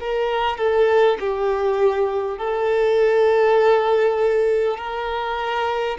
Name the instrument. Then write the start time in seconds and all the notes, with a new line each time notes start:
violin
0.00 A#4
0.57 A4
1.20 G4
2.38 A4
4.77 A#4